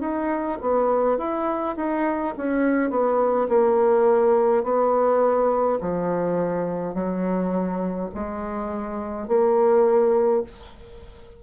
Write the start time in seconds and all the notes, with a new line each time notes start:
0.00 D#4
0.61 B3
1.17 E4
1.76 D#4
2.37 C#4
2.90 B3
3.48 A#3
4.64 B3
5.81 F3
6.94 F#3
8.14 G#3
9.28 A#3